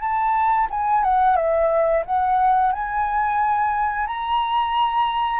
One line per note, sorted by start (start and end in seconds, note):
0.00 0.67 A5
0.70 1.03 G#5
1.03 1.36 F#5
1.36 2.03 E5
2.05 2.72 F#5
2.72 4.07 G#5
4.07 5.40 A#5